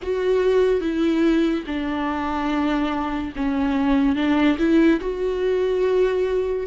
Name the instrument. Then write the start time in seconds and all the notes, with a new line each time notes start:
viola
0.02 F#4
0.80 E4
1.66 D4
3.35 C#4
4.15 D4
4.58 E4
5.00 F#4